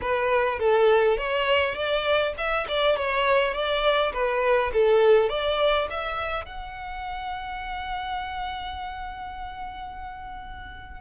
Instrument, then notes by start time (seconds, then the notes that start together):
violin
0.01 B4
0.59 A4
1.17 C#5
1.74 D5
2.37 E5
2.67 D5
2.96 C#5
3.53 D5
4.13 B4
4.73 A4
5.29 D5
5.90 E5
6.45 F#5